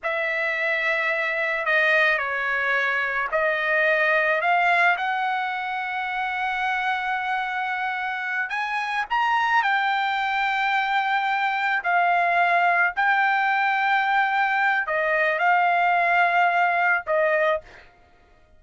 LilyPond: \new Staff \with { instrumentName = "trumpet" } { \time 4/4 \tempo 4 = 109 e''2. dis''4 | cis''2 dis''2 | f''4 fis''2.~ | fis''2.~ fis''8 gis''8~ |
gis''8 ais''4 g''2~ g''8~ | g''4. f''2 g''8~ | g''2. dis''4 | f''2. dis''4 | }